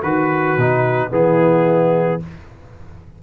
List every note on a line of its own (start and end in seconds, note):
0.00 0.57 D#3
0.00 1.09 F#4
0.00 0.58 F#4
0.00 1.12 B4
0.57 1.12 B2
0.57 1.11 D#4
1.11 2.21 E3
1.11 2.20 B3
1.11 2.23 E4
1.11 2.22 G#4